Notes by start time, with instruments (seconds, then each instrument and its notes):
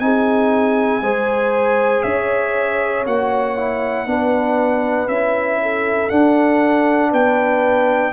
0.00 tuba C4, trombone D#4, horn G#4, trumpet G#5
1.02 tuba G#3, trombone G#4, horn C5
2.03 tuba C#4, horn C#5, trumpet E5
3.06 tuba A#3, trombone F#4, trumpet F#5
3.58 trombone E4
4.07 tuba B3, trombone D4, horn B4
5.08 tuba C#4, trombone E4, trumpet E5
5.62 horn A4
6.10 trombone D4, tuba D4, trumpet F#5
7.11 tuba B3, horn B4, trumpet G5